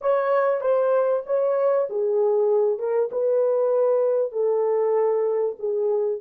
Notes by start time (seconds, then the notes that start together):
0.01 C#5
0.60 C5
1.26 C#5
1.89 G#4
2.78 A#4
3.11 B4
4.32 A4
5.59 G#4